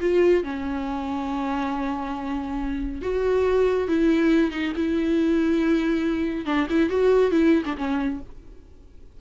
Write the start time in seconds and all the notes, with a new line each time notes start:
0.00 F4
0.44 C#4
3.01 F#4
3.88 E4
4.51 D#4
4.76 E4
6.46 D4
6.69 E4
6.89 F#4
7.31 E4
7.65 D4
7.77 C#4